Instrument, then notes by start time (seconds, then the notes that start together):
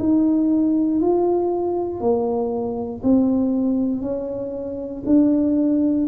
tuba
0.00 D#4
1.01 F4
2.01 A#3
3.04 C4
4.02 C#4
5.07 D4